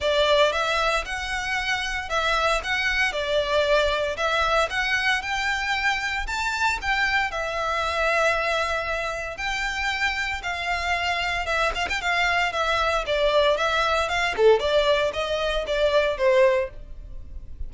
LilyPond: \new Staff \with { instrumentName = "violin" } { \time 4/4 \tempo 4 = 115 d''4 e''4 fis''2 | e''4 fis''4 d''2 | e''4 fis''4 g''2 | a''4 g''4 e''2~ |
e''2 g''2 | f''2 e''8 f''16 g''16 f''4 | e''4 d''4 e''4 f''8 a'8 | d''4 dis''4 d''4 c''4 | }